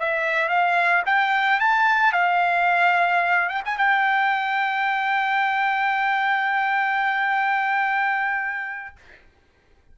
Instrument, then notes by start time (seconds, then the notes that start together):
trumpet
0.00 E5
0.49 F5
1.06 G5
1.60 A5
2.13 F5
3.50 G5
3.65 G#5
3.78 G5